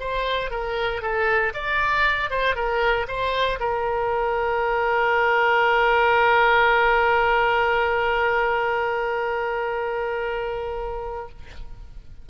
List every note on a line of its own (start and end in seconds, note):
0.00 0.50 C5
0.50 1.02 A#4
1.02 1.53 A4
1.54 2.30 D5
2.30 2.55 C5
2.55 3.07 A#4
3.08 3.59 C5
3.60 11.29 A#4